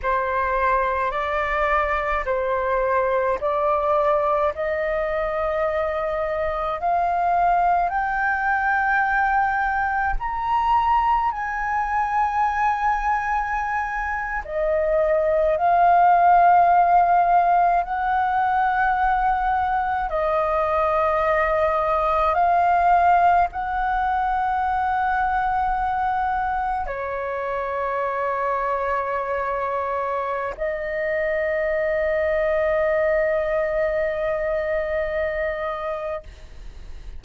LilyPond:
\new Staff \with { instrumentName = "flute" } { \time 4/4 \tempo 4 = 53 c''4 d''4 c''4 d''4 | dis''2 f''4 g''4~ | g''4 ais''4 gis''2~ | gis''8. dis''4 f''2 fis''16~ |
fis''4.~ fis''16 dis''2 f''16~ | f''8. fis''2. cis''16~ | cis''2. dis''4~ | dis''1 | }